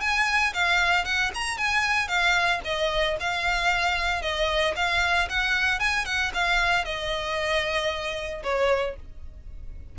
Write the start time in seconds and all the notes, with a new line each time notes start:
0.00 G#5
0.53 F5
1.04 F#5
1.34 A#5
1.57 G#5
2.07 F5
2.64 D#5
3.20 F5
4.22 D#5
4.75 F5
5.29 F#5
5.79 G#5
6.05 F#5
6.33 F5
6.84 D#5
8.43 C#5